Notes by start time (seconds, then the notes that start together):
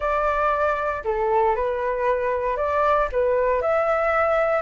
0.00 D5
1.04 A4
1.55 B4
2.57 D5
3.12 B4
3.61 E5